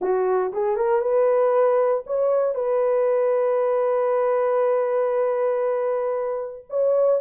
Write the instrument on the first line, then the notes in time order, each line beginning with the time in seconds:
horn
0.01 F#4
0.52 G#4
0.76 A#4
1.01 B4
2.06 C#5
2.55 B4
6.69 C#5